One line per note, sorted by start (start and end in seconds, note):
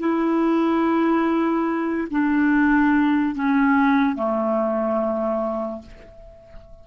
0.00 2.08 E4
2.11 3.35 D4
3.35 4.16 C#4
4.16 5.82 A3